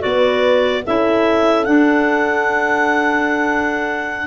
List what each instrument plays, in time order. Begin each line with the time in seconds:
0.00 tuba B3, clarinet F#4 D5, horn B4
0.85 tuba C#4, clarinet E4 E5, horn A4
1.65 clarinet D4 F#5, tuba D4